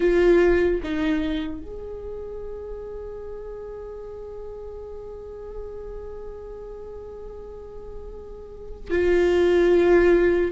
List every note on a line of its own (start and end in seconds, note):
0.00 0.81 F4
0.83 1.61 D#4
1.61 8.90 G#4
8.90 10.51 F4